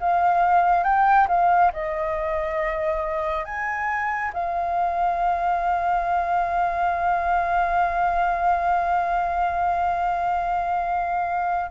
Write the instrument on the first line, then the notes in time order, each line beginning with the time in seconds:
flute
0.00 F5
0.83 G5
1.28 F5
1.73 D#5
3.45 G#5
4.33 F5